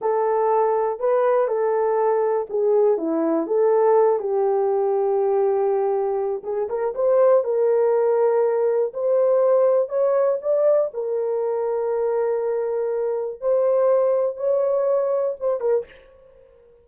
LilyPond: \new Staff \with { instrumentName = "horn" } { \time 4/4 \tempo 4 = 121 a'2 b'4 a'4~ | a'4 gis'4 e'4 a'4~ | a'8 g'2.~ g'8~ | g'4 gis'8 ais'8 c''4 ais'4~ |
ais'2 c''2 | cis''4 d''4 ais'2~ | ais'2. c''4~ | c''4 cis''2 c''8 ais'8 | }